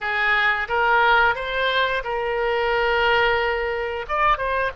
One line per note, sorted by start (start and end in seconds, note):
0.00 0.68 G#4
0.68 1.35 A#4
1.35 2.02 C5
2.03 4.06 A#4
4.08 4.37 D5
4.37 4.71 C5